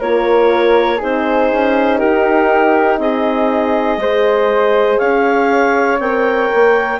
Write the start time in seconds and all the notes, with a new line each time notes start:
0.00 A#3 F4 A#4 C#5
0.98 C4 D#4 G#4 C5
1.52 C#4
1.99 D#4 G4 A#4
2.98 C4 G#4 D#5
3.97 G#3 G#4 C5
4.99 C#4 C#5 F5
5.99 C4 A#4 G5
6.54 A#3